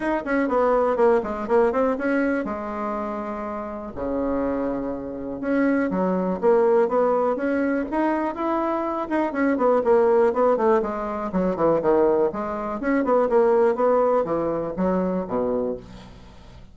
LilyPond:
\new Staff \with { instrumentName = "bassoon" } { \time 4/4 \tempo 4 = 122 dis'8 cis'8 b4 ais8 gis8 ais8 c'8 | cis'4 gis2. | cis2. cis'4 | fis4 ais4 b4 cis'4 |
dis'4 e'4. dis'8 cis'8 b8 | ais4 b8 a8 gis4 fis8 e8 | dis4 gis4 cis'8 b8 ais4 | b4 e4 fis4 b,4 | }